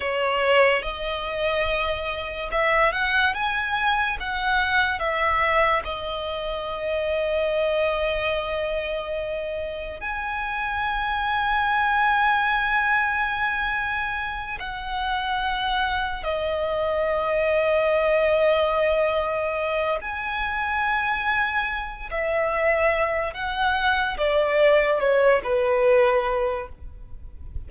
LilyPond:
\new Staff \with { instrumentName = "violin" } { \time 4/4 \tempo 4 = 72 cis''4 dis''2 e''8 fis''8 | gis''4 fis''4 e''4 dis''4~ | dis''1 | gis''1~ |
gis''4. fis''2 dis''8~ | dis''1 | gis''2~ gis''8 e''4. | fis''4 d''4 cis''8 b'4. | }